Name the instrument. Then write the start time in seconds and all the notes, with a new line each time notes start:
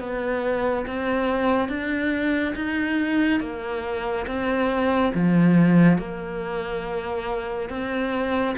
cello
0.00 B3
0.87 C4
1.69 D4
2.56 D#4
3.41 A#3
4.27 C4
5.14 F3
5.98 A#3
7.70 C4